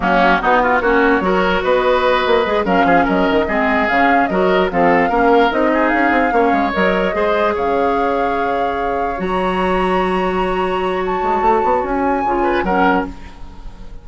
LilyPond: <<
  \new Staff \with { instrumentName = "flute" } { \time 4/4 \tempo 4 = 147 fis'2 cis''2 | dis''2~ dis''8 f''4 dis''8~ | dis''4. f''4 dis''4 f''8~ | f''4. dis''4 f''4.~ |
f''8 dis''2 f''4.~ | f''2~ f''8 ais''4.~ | ais''2. a''4~ | a''4 gis''2 fis''4 | }
  \new Staff \with { instrumentName = "oboe" } { \time 4/4 cis'4 dis'8 f'8 fis'4 ais'4 | b'2~ b'8 ais'8 gis'8 ais'8~ | ais'8 gis'2 ais'4 a'8~ | a'8 ais'4. gis'4. cis''8~ |
cis''4. c''4 cis''4.~ | cis''1~ | cis''1~ | cis''2~ cis''8 b'8 ais'4 | }
  \new Staff \with { instrumentName = "clarinet" } { \time 4/4 ais4 b4 cis'4 fis'4~ | fis'2 gis'8 cis'4.~ | cis'8 c'4 cis'4 fis'4 c'8~ | c'8 cis'4 dis'2 cis'8~ |
cis'8 ais'4 gis'2~ gis'8~ | gis'2~ gis'8 fis'4.~ | fis'1~ | fis'2 f'4 cis'4 | }
  \new Staff \with { instrumentName = "bassoon" } { \time 4/4 fis4 b4 ais4 fis4 | b4. ais8 gis8 fis8 f8 fis8 | dis8 gis4 cis4 fis4 f8~ | f8 ais4 c'4 cis'8 c'8 ais8 |
gis8 fis4 gis4 cis4.~ | cis2~ cis8 fis4.~ | fis2.~ fis8 gis8 | a8 b8 cis'4 cis4 fis4 | }
>>